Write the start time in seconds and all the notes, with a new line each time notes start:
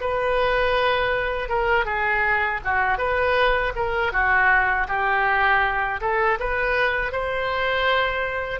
0.00 B4
1.49 A#4
1.85 G#4
2.64 F#4
2.98 B4
3.75 A#4
4.12 F#4
4.88 G4
6.00 A4
6.40 B4
7.11 C5